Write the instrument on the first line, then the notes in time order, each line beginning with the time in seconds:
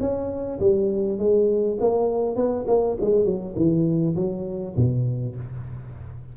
tuba
0.00 C#4
0.60 G3
1.19 G#3
1.80 A#3
2.36 B3
2.67 A#3
3.01 G#3
3.25 F#3
3.56 E3
4.16 F#3
4.76 B2